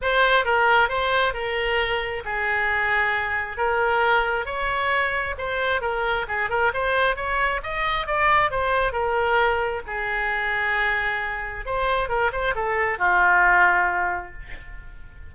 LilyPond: \new Staff \with { instrumentName = "oboe" } { \time 4/4 \tempo 4 = 134 c''4 ais'4 c''4 ais'4~ | ais'4 gis'2. | ais'2 cis''2 | c''4 ais'4 gis'8 ais'8 c''4 |
cis''4 dis''4 d''4 c''4 | ais'2 gis'2~ | gis'2 c''4 ais'8 c''8 | a'4 f'2. | }